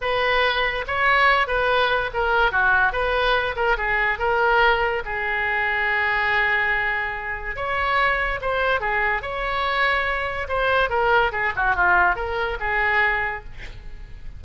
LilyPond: \new Staff \with { instrumentName = "oboe" } { \time 4/4 \tempo 4 = 143 b'2 cis''4. b'8~ | b'4 ais'4 fis'4 b'4~ | b'8 ais'8 gis'4 ais'2 | gis'1~ |
gis'2 cis''2 | c''4 gis'4 cis''2~ | cis''4 c''4 ais'4 gis'8 fis'8 | f'4 ais'4 gis'2 | }